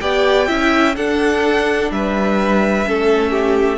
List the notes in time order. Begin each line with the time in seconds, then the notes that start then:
0.00 B3 G4 D5 G5
0.47 C#4 E4 E5
0.95 D4 A4 F#5
1.91 G3 B4 E5
2.85 A3 C#4 A4
3.30 G4